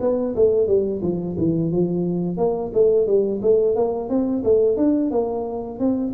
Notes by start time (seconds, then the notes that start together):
0.00 B3
0.35 A3
0.67 G3
1.02 F3
1.37 E3
1.71 F3
2.37 A#3
2.73 A3
3.07 G3
3.42 A3
3.75 A#3
4.09 C4
4.43 A3
4.76 D4
5.10 A#3
5.79 C4